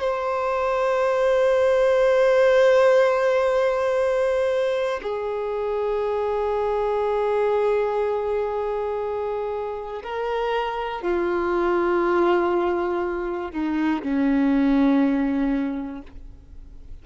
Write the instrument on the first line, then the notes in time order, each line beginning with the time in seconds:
violin
0.00 C5
5.03 G#4
10.03 A#4
11.01 F4
13.51 D#4
14.02 C#4